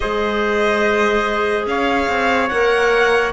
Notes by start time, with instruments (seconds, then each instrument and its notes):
0.00 cello G#3, clarinet G#4, trumpet C5, violin D#5
1.66 cello C#4, trumpet C#5, violin F5
2.08 cello C4
2.48 cello A#3, clarinet A#4, violin F#5